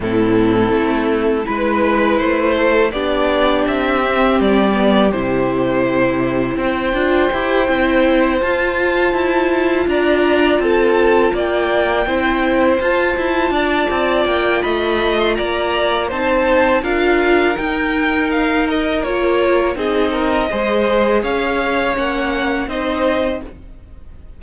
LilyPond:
<<
  \new Staff \with { instrumentName = "violin" } { \time 4/4 \tempo 4 = 82 a'2 b'4 c''4 | d''4 e''4 d''4 c''4~ | c''4 g''2~ g''8 a''8~ | a''4. ais''4 a''4 g''8~ |
g''4. a''2 g''8 | b''8. c'''16 ais''4 a''4 f''4 | g''4 f''8 dis''8 cis''4 dis''4~ | dis''4 f''4 fis''4 dis''4 | }
  \new Staff \with { instrumentName = "violin" } { \time 4/4 e'2 b'4. a'8 | g'1~ | g'4 c''2.~ | c''4. d''4 a'4 d''8~ |
d''8 c''2 d''4. | dis''4 d''4 c''4 ais'4~ | ais'2. gis'8 ais'8 | c''4 cis''2 c''4 | }
  \new Staff \with { instrumentName = "viola" } { \time 4/4 c'2 e'2 | d'4. c'4 b8 e'4~ | e'4. f'8 g'8 e'4 f'8~ | f'1~ |
f'8 e'4 f'2~ f'8~ | f'2 dis'4 f'4 | dis'2 f'4 dis'4 | gis'2 cis'4 dis'4 | }
  \new Staff \with { instrumentName = "cello" } { \time 4/4 a,4 a4 gis4 a4 | b4 c'4 g4 c4~ | c4 c'8 d'8 e'8 c'4 f'8~ | f'8 e'4 d'4 c'4 ais8~ |
ais8 c'4 f'8 e'8 d'8 c'8 ais8 | a4 ais4 c'4 d'4 | dis'2 ais4 c'4 | gis4 cis'4 ais4 c'4 | }
>>